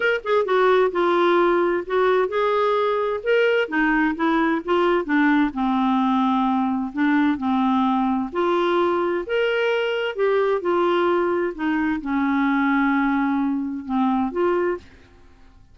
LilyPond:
\new Staff \with { instrumentName = "clarinet" } { \time 4/4 \tempo 4 = 130 ais'8 gis'8 fis'4 f'2 | fis'4 gis'2 ais'4 | dis'4 e'4 f'4 d'4 | c'2. d'4 |
c'2 f'2 | ais'2 g'4 f'4~ | f'4 dis'4 cis'2~ | cis'2 c'4 f'4 | }